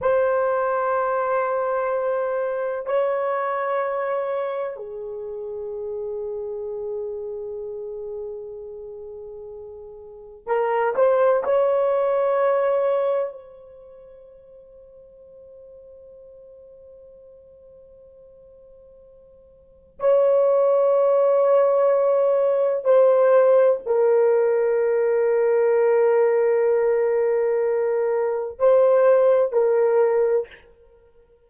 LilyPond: \new Staff \with { instrumentName = "horn" } { \time 4/4 \tempo 4 = 63 c''2. cis''4~ | cis''4 gis'2.~ | gis'2. ais'8 c''8 | cis''2 c''2~ |
c''1~ | c''4 cis''2. | c''4 ais'2.~ | ais'2 c''4 ais'4 | }